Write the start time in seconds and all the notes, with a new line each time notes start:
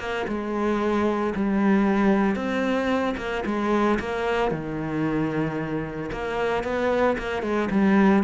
0.00 A#3
0.28 G#3
1.36 G3
2.36 C4
3.18 A#3
3.46 G#3
4.00 A#3
4.52 D#3
6.12 A#3
6.64 B3
7.19 A#3
7.43 G#3
7.71 G3